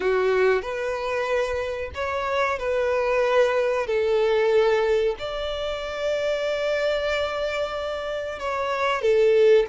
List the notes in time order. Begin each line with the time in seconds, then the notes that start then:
0.00 F#4
0.62 B4
1.94 C#5
2.58 B4
3.86 A4
5.18 D5
8.39 C#5
9.01 A4